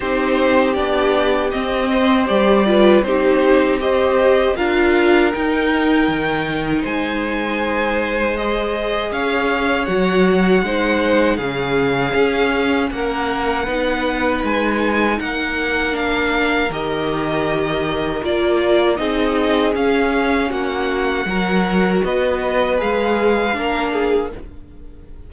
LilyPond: <<
  \new Staff \with { instrumentName = "violin" } { \time 4/4 \tempo 4 = 79 c''4 d''4 dis''4 d''4 | c''4 dis''4 f''4 g''4~ | g''4 gis''2 dis''4 | f''4 fis''2 f''4~ |
f''4 fis''2 gis''4 | fis''4 f''4 dis''2 | d''4 dis''4 f''4 fis''4~ | fis''4 dis''4 f''2 | }
  \new Staff \with { instrumentName = "violin" } { \time 4/4 g'2~ g'8 c''4 b'8 | g'4 c''4 ais'2~ | ais'4 c''2. | cis''2 c''4 gis'4~ |
gis'4 ais'4 b'2 | ais'1~ | ais'4 gis'2 fis'4 | ais'4 b'2 ais'8 gis'8 | }
  \new Staff \with { instrumentName = "viola" } { \time 4/4 dis'4 d'4 c'4 g'8 f'8 | dis'4 g'4 f'4 dis'4~ | dis'2. gis'4~ | gis'4 fis'4 dis'4 cis'4~ |
cis'2 dis'2~ | dis'4 d'4 g'2 | f'4 dis'4 cis'2 | fis'2 gis'4 d'4 | }
  \new Staff \with { instrumentName = "cello" } { \time 4/4 c'4 b4 c'4 g4 | c'2 d'4 dis'4 | dis4 gis2. | cis'4 fis4 gis4 cis4 |
cis'4 ais4 b4 gis4 | ais2 dis2 | ais4 c'4 cis'4 ais4 | fis4 b4 gis4 ais4 | }
>>